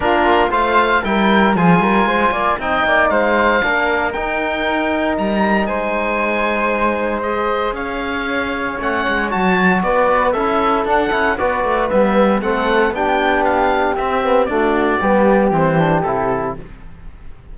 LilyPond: <<
  \new Staff \with { instrumentName = "oboe" } { \time 4/4 \tempo 4 = 116 ais'4 f''4 g''4 gis''4~ | gis''4 g''4 f''2 | g''2 ais''4 gis''4~ | gis''2 dis''4 f''4~ |
f''4 fis''4 a''4 d''4 | e''4 fis''4 d''4 e''4 | fis''4 g''4 f''4 e''4 | d''2 c''4 a'4 | }
  \new Staff \with { instrumentName = "flute" } { \time 4/4 f'4 c''4 ais'4 gis'8 ais'8 | c''8 d''8 dis''8 d''8 c''4 ais'4~ | ais'2. c''4~ | c''2. cis''4~ |
cis''2. b'4 | a'2 b'2 | a'4 g'2. | fis'4 g'2. | }
  \new Staff \with { instrumentName = "trombone" } { \time 4/4 d'4 f'4 e'4 f'4~ | f'4 dis'2 d'4 | dis'1~ | dis'2 gis'2~ |
gis'4 cis'4 fis'2 | e'4 d'8 e'8 fis'4 b4 | c'4 d'2 c'8 b8 | a4 b4 c'8 d'8 e'4 | }
  \new Staff \with { instrumentName = "cello" } { \time 4/4 ais4 a4 g4 f8 g8 | gis8 ais8 c'8 ais8 gis4 ais4 | dis'2 g4 gis4~ | gis2. cis'4~ |
cis'4 a8 gis8 fis4 b4 | cis'4 d'8 cis'8 b8 a8 g4 | a4 b2 c'4 | d'4 g4 e4 c4 | }
>>